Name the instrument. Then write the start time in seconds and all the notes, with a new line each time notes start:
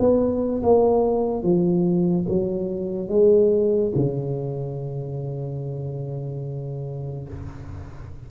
tuba
0.00 B3
0.63 A#3
1.43 F3
2.28 F#3
3.09 G#3
3.95 C#3